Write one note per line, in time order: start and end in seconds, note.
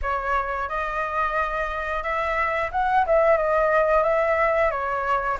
0.02 0.68 C#5
0.68 2.03 D#5
2.03 2.70 E5
2.72 3.05 F#5
3.06 3.37 E5
3.37 4.03 D#5
4.03 4.70 E5
4.70 5.37 C#5